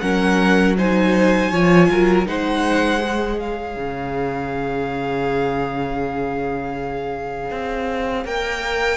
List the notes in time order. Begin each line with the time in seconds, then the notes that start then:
0.00 F#3 C#4 A#4 F#5
0.77 D#4 C5 G#5
1.51 F3 F4 C#5
1.90 F#3 A#4
2.25 G#3 D#4 C5 F#5
3.00 G#4
3.39 C#5 F5
3.76 C#3
7.50 C4
8.25 A#3 A#4 G5